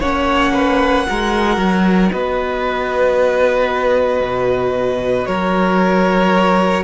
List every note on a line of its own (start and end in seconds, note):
0.00 1.07 A#3
0.00 1.08 C#4
0.00 0.53 C#5
0.00 2.12 F#5
0.54 1.07 B4
1.08 1.58 G#3
1.08 6.84 F#4
1.08 2.12 A#4
1.58 2.11 F#3
2.12 4.21 B3
2.12 5.28 B4
2.12 5.26 D#5
4.21 5.27 B2
5.26 6.84 F#3
5.26 6.84 A#4
5.26 6.84 C#5